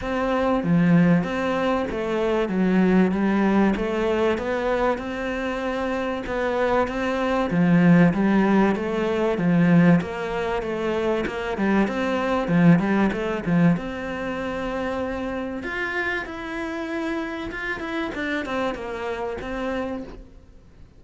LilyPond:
\new Staff \with { instrumentName = "cello" } { \time 4/4 \tempo 4 = 96 c'4 f4 c'4 a4 | fis4 g4 a4 b4 | c'2 b4 c'4 | f4 g4 a4 f4 |
ais4 a4 ais8 g8 c'4 | f8 g8 a8 f8 c'2~ | c'4 f'4 e'2 | f'8 e'8 d'8 c'8 ais4 c'4 | }